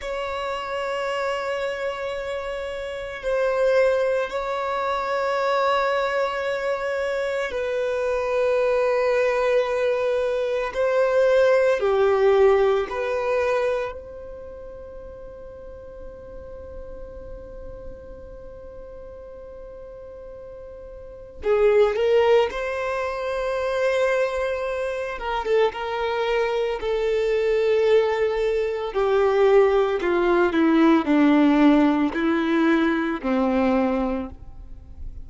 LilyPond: \new Staff \with { instrumentName = "violin" } { \time 4/4 \tempo 4 = 56 cis''2. c''4 | cis''2. b'4~ | b'2 c''4 g'4 | b'4 c''2.~ |
c''1 | gis'8 ais'8 c''2~ c''8 ais'16 a'16 | ais'4 a'2 g'4 | f'8 e'8 d'4 e'4 c'4 | }